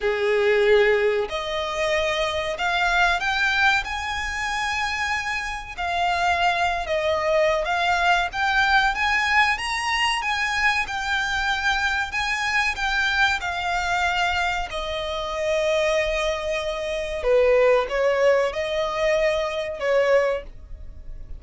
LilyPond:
\new Staff \with { instrumentName = "violin" } { \time 4/4 \tempo 4 = 94 gis'2 dis''2 | f''4 g''4 gis''2~ | gis''4 f''4.~ f''16 dis''4~ dis''16 | f''4 g''4 gis''4 ais''4 |
gis''4 g''2 gis''4 | g''4 f''2 dis''4~ | dis''2. b'4 | cis''4 dis''2 cis''4 | }